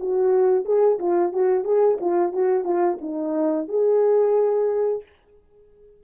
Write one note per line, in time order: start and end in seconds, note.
0.00 0.65 F#4
0.65 0.99 G#4
1.00 1.33 F4
1.33 1.65 F#4
1.65 1.99 G#4
2.01 2.33 F4
2.33 2.65 F#4
2.65 2.98 F4
3.01 3.68 D#4
3.68 5.03 G#4